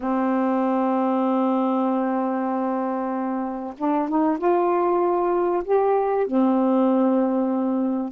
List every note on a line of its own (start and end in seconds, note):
0.00 3.74 C4
3.77 4.08 D4
4.08 4.38 D#4
4.38 5.62 F4
5.64 6.26 G4
6.26 8.12 C4